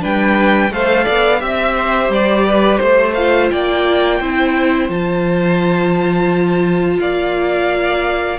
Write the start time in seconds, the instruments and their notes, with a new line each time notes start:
0.00 cello G3, viola D4, violin B4 G5
0.71 cello A3, viola A4, violin C5 F5
1.04 cello B3, violin D5
1.39 cello C4, viola G4, violin E5
1.76 violin C5
2.09 cello G3, violin D5
2.46 violin B4
2.77 cello A3, violin C5
3.15 viola F4, violin F5
3.50 cello A#3, violin D5 G5
4.20 cello C4, viola E4, violin C5
4.89 cello F3, viola F4, violin A5
7.00 cello A#3, violin D5 F5